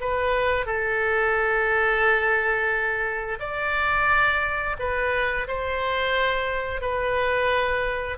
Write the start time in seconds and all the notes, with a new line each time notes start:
0.00 B4
0.66 A4
3.39 D5
4.79 B4
5.47 C5
6.81 B4